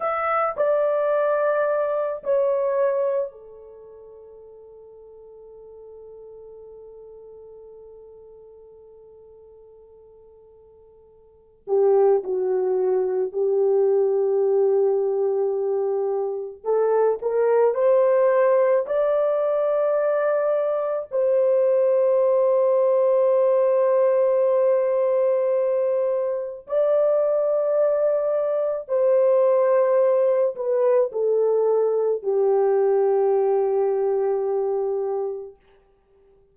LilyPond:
\new Staff \with { instrumentName = "horn" } { \time 4/4 \tempo 4 = 54 e''8 d''4. cis''4 a'4~ | a'1~ | a'2~ a'8 g'8 fis'4 | g'2. a'8 ais'8 |
c''4 d''2 c''4~ | c''1 | d''2 c''4. b'8 | a'4 g'2. | }